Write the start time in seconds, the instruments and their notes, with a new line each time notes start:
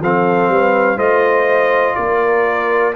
0.00 tuba F3, trombone C4, horn A4, trumpet F5
0.48 tuba G3, horn B4
0.97 tuba A3, trombone F4, horn C5, trumpet D#5
1.95 tuba A#3, horn A#4, trumpet D5